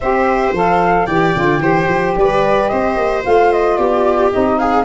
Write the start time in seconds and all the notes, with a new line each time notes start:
0.00 C4 G4 C5 E5
0.52 F3 A4 F5
1.06 E3 G4 D5 G5
1.35 D3 F4
1.59 E3 G4 C5
1.88 F3
2.16 G3 B4 D5
2.68 C4 C5 D#5
2.96 A#3
3.22 A3 F4 F5
3.52 D#5
3.77 B3 G4 D5
4.31 C4 D#4 D#5
4.58 G#4 F5